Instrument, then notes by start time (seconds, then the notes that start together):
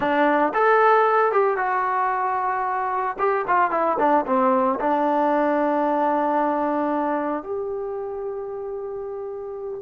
trombone
0.00 D4
0.53 A4
1.32 G4
1.57 F#4
3.18 G4
3.47 F4
3.70 E4
3.98 D4
4.26 C4
4.80 D4
7.43 G4